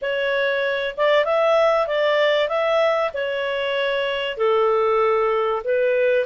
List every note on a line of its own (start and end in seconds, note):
0.01 0.95 C#5
0.97 1.24 D5
1.24 1.87 E5
1.87 2.48 D5
2.48 3.11 E5
3.13 4.37 C#5
4.37 5.62 A4
5.64 6.25 B4